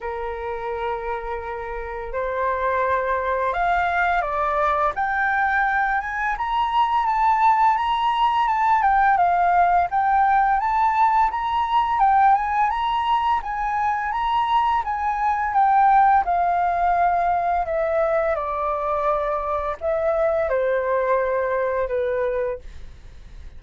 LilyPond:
\new Staff \with { instrumentName = "flute" } { \time 4/4 \tempo 4 = 85 ais'2. c''4~ | c''4 f''4 d''4 g''4~ | g''8 gis''8 ais''4 a''4 ais''4 | a''8 g''8 f''4 g''4 a''4 |
ais''4 g''8 gis''8 ais''4 gis''4 | ais''4 gis''4 g''4 f''4~ | f''4 e''4 d''2 | e''4 c''2 b'4 | }